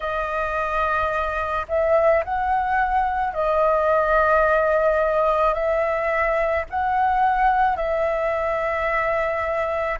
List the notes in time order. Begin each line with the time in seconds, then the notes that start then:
0.00 D#5
1.68 E5
2.24 F#5
3.33 D#5
5.54 E5
6.70 F#5
7.76 E5